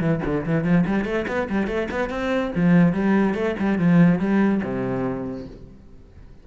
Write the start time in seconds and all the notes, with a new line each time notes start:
0.00 E3
0.25 D3
0.46 E3
0.64 F3
0.86 G3
1.05 A3
1.28 B3
1.50 G3
1.67 A3
1.91 B3
2.10 C4
2.56 F3
2.93 G3
3.34 A3
3.59 G3
3.79 F3
4.19 G3
4.64 C3